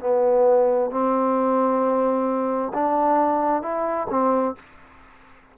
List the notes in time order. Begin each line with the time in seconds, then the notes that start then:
0.00 B3
0.90 C4
2.74 D4
3.62 E4
4.10 C4